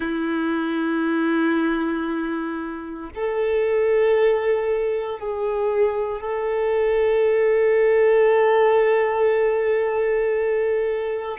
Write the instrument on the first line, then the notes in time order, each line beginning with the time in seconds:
violin
0.00 E4
3.14 A4
5.19 G#4
6.20 A4